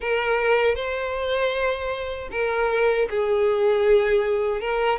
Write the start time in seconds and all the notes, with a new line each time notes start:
0.00 A#4
0.75 C5
2.31 A#4
3.10 G#4
4.60 A#4